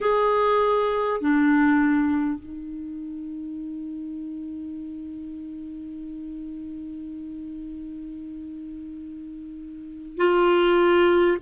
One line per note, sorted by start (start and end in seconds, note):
0.01 1.21 G#4
1.21 2.39 D4
2.39 10.17 D#4
10.17 11.37 F4